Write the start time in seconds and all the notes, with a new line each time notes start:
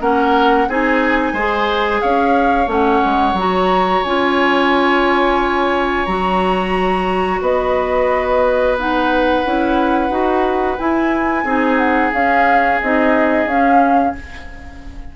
0.00 A#3 C#4 A#4 F#5
0.69 C4 D#4 G#4 G#5
1.33 G#3 G#4 C5
2.01 C#4 C#5 F5
2.66 A3 C#4 F#5
3.05 G#3
3.33 F#3 F#4 A#5
4.04 C#4 F4 G#5
6.06 F#3 F#4 A#5
7.41 B3 B4 D#5
8.78 D#4 F#5
9.45 C#4 E4
10.10 D#4 F#4
10.78 E4 G#5
11.44 C4 D#4 G#4
11.78 F#5
12.13 C#4 F5
12.82 C4 D#4 D#5
13.46 C#4 F5